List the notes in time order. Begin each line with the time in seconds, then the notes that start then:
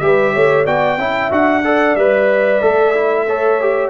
0.00 G3 G4 B4 E5
0.34 A3 C#5
0.66 B3 F#4 D5 G5
0.98 C#4 E4 E5
1.31 D4 F#4 F#5
1.64 A4 D5
1.96 G3 B4 E5
2.62 A3 A4
2.95 E4
3.27 A4 C#5
3.61 G4